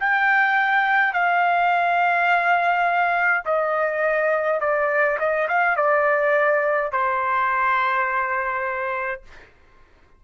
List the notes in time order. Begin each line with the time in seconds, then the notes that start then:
0.00 G5
1.13 F5
3.46 D#5
4.60 D5
5.20 D#5
5.49 F5
5.77 D5
6.92 C5